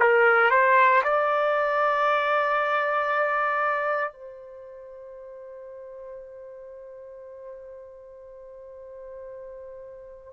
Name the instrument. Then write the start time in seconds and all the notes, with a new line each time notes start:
trumpet
0.00 A#4
0.51 C5
1.03 D5
4.13 C5